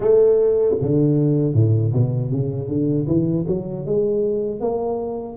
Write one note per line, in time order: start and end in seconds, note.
0.00 0.75 A3
0.81 1.53 D3
1.53 1.92 A2
1.92 2.31 B2
2.31 2.67 C#3
2.67 3.06 D3
3.07 3.45 E3
3.47 3.85 F#3
3.85 4.60 G#3
4.60 5.37 A#3